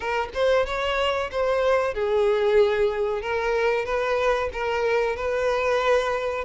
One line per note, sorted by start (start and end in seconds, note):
0.00 0.28 A#4
0.34 0.66 C5
0.66 1.30 C#5
1.31 1.94 C5
1.94 3.21 G#4
3.21 3.85 A#4
3.85 4.49 B4
4.52 5.16 A#4
5.16 6.44 B4